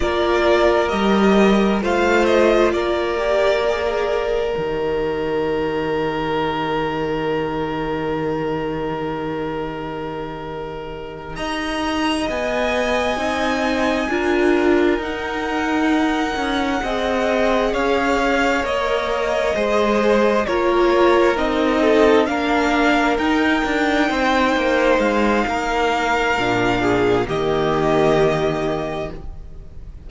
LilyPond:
<<
  \new Staff \with { instrumentName = "violin" } { \time 4/4 \tempo 4 = 66 d''4 dis''4 f''8 dis''8 d''4~ | d''4 dis''2.~ | dis''1~ | dis''8 ais''4 gis''2~ gis''8~ |
gis''8 fis''2. f''8~ | f''8 dis''2 cis''4 dis''8~ | dis''8 f''4 g''2 f''8~ | f''2 dis''2 | }
  \new Staff \with { instrumentName = "violin" } { \time 4/4 ais'2 c''4 ais'4~ | ais'1~ | ais'1~ | ais'8 dis''2. ais'8~ |
ais'2~ ais'8 dis''4 cis''8~ | cis''4. c''4 ais'4. | a'8 ais'2 c''4. | ais'4. gis'8 g'2 | }
  \new Staff \with { instrumentName = "viola" } { \time 4/4 f'4 g'4 f'4. g'8 | gis'4 g'2.~ | g'1~ | g'2~ g'8 dis'4 f'8~ |
f'8 dis'2 gis'4.~ | gis'8 ais'4 gis'4 f'4 dis'8~ | dis'8 d'4 dis'2~ dis'8~ | dis'4 d'4 ais2 | }
  \new Staff \with { instrumentName = "cello" } { \time 4/4 ais4 g4 a4 ais4~ | ais4 dis2.~ | dis1~ | dis8 dis'4 b4 c'4 d'8~ |
d'8 dis'4. cis'8 c'4 cis'8~ | cis'8 ais4 gis4 ais4 c'8~ | c'8 ais4 dis'8 d'8 c'8 ais8 gis8 | ais4 ais,4 dis2 | }
>>